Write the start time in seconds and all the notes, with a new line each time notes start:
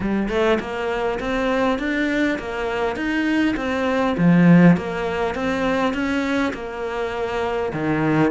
0.00 G3
0.29 A3
0.59 A#3
1.19 C4
1.78 D4
2.38 A#3
2.95 D#4
3.56 C4
4.17 F3
4.77 A#3
5.34 C4
5.93 C#4
6.53 A#3
7.73 D#3